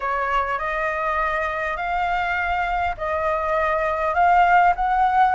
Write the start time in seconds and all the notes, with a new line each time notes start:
0.00 C#5
0.58 D#5
1.76 F5
2.97 D#5
4.14 F5
4.75 F#5